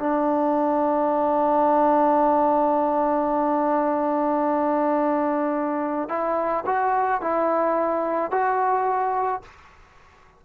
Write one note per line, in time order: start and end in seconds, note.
0.00 6.09 D4
6.09 6.65 E4
6.66 7.21 F#4
7.21 8.31 E4
8.31 9.42 F#4